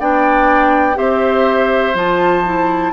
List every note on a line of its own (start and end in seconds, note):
0.00 0.97 B3
0.00 0.95 D4
0.00 0.98 D5
0.00 0.98 G5
0.95 1.95 C4
0.95 1.93 G4
0.95 2.93 C5
0.95 1.97 E5
1.95 2.93 F3
1.95 2.44 F4
1.95 2.93 A5
2.45 2.93 E4